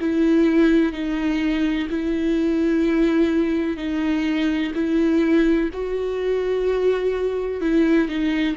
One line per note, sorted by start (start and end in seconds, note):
0.00 0.93 E4
0.93 1.88 D#4
1.90 3.77 E4
3.77 4.72 D#4
4.74 5.70 E4
5.73 7.61 F#4
7.61 8.08 E4
8.09 8.56 D#4